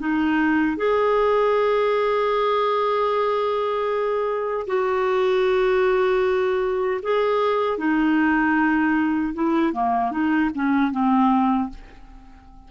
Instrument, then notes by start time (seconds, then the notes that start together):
clarinet
0.00 D#4
0.77 G#4
4.67 F#4
7.03 G#4
7.78 D#4
9.35 E4
9.73 A#3
10.12 D#4
10.55 C#4
10.92 C4